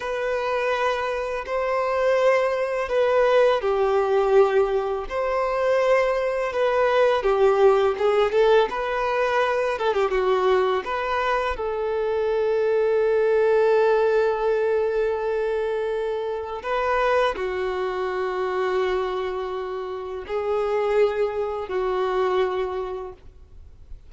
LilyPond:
\new Staff \with { instrumentName = "violin" } { \time 4/4 \tempo 4 = 83 b'2 c''2 | b'4 g'2 c''4~ | c''4 b'4 g'4 gis'8 a'8 | b'4. a'16 g'16 fis'4 b'4 |
a'1~ | a'2. b'4 | fis'1 | gis'2 fis'2 | }